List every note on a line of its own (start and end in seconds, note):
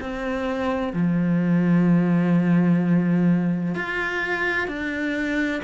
0.00 0.93 C4
0.93 3.75 F3
3.75 4.67 F4
4.67 5.61 D4